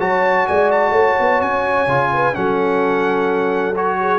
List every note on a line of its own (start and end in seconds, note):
0.00 0.47 F#3
0.00 1.88 F#4
0.00 0.48 C#5
0.00 0.48 A5
0.48 0.91 G#3
0.48 0.92 D5
0.48 0.71 G#5
0.72 1.42 A5
0.91 1.15 A3
0.91 2.09 C#5
1.20 1.41 B3
1.41 1.87 C#4
1.41 2.35 G#5
1.87 2.34 C#3
1.87 2.34 F4
2.13 2.35 B4
2.34 4.20 F#3
2.34 3.75 C#4
2.34 3.99 A4
2.34 3.76 F#5
3.76 4.20 F#4
3.76 4.20 C#5
4.01 4.20 G#4